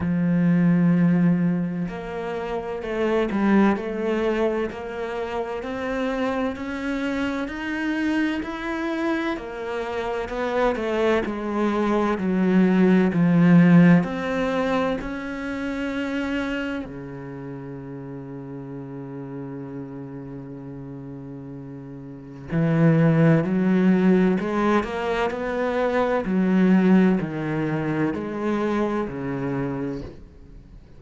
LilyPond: \new Staff \with { instrumentName = "cello" } { \time 4/4 \tempo 4 = 64 f2 ais4 a8 g8 | a4 ais4 c'4 cis'4 | dis'4 e'4 ais4 b8 a8 | gis4 fis4 f4 c'4 |
cis'2 cis2~ | cis1 | e4 fis4 gis8 ais8 b4 | fis4 dis4 gis4 cis4 | }